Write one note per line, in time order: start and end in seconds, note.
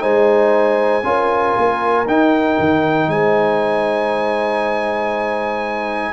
0.00 1.03 G#3
0.00 1.02 D#4
0.00 1.03 C5
0.00 2.05 G#5
1.03 1.54 C#4
1.03 2.05 F4
1.03 3.09 A#4
1.57 2.07 A#3
2.07 2.57 D#4
2.07 6.12 D#4
2.07 3.09 G5
2.58 3.07 D#3
3.07 6.12 G#3
3.07 6.12 C5
3.07 6.12 G#5